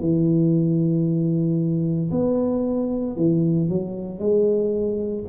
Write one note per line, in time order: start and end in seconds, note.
0.00 2.11 E3
2.11 3.16 B3
3.16 3.68 E3
3.68 4.19 F#3
4.19 5.24 G#3